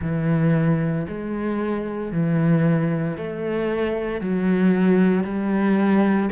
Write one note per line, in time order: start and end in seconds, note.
0.01 1.07 E3
1.08 2.11 G#3
2.11 3.17 E3
3.17 4.21 A3
4.21 5.23 F#3
5.23 6.29 G3